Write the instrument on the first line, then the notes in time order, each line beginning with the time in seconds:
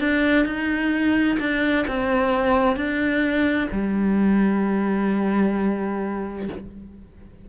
cello
0.00 D4
0.45 D#4
1.40 D4
1.88 C4
2.76 D4
3.72 G3